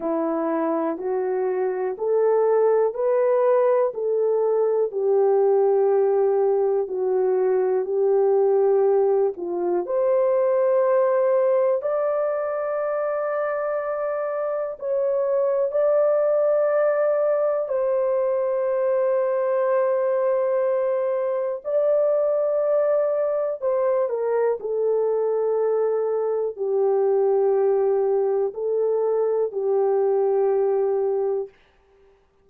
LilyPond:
\new Staff \with { instrumentName = "horn" } { \time 4/4 \tempo 4 = 61 e'4 fis'4 a'4 b'4 | a'4 g'2 fis'4 | g'4. f'8 c''2 | d''2. cis''4 |
d''2 c''2~ | c''2 d''2 | c''8 ais'8 a'2 g'4~ | g'4 a'4 g'2 | }